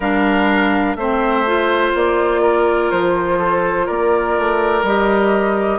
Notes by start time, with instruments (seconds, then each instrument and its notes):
0.00 bassoon G3, clarinet D4, oboe A#4, flute F5
0.95 bassoon A3, clarinet C4, oboe C5, flute E5
1.46 clarinet F4
1.94 bassoon A#3, flute D5
2.41 oboe A#4
2.90 bassoon F3, flute C5
3.38 oboe A4
3.85 bassoon A#3, oboe A#4, flute D5
4.37 bassoon A3
4.82 bassoon G3, clarinet G4, flute D#5